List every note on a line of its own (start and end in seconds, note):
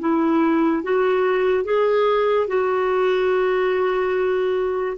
0.00 0.83 E4
0.83 1.64 F#4
1.64 2.47 G#4
2.47 4.97 F#4